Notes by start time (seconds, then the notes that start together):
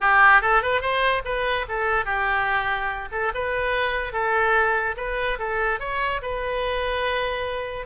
0.00 G4
0.41 A4
0.62 B4
0.81 C5
1.24 B4
1.68 A4
2.05 G4
3.11 A4
3.34 B4
4.13 A4
4.97 B4
5.38 A4
5.79 C#5
6.21 B4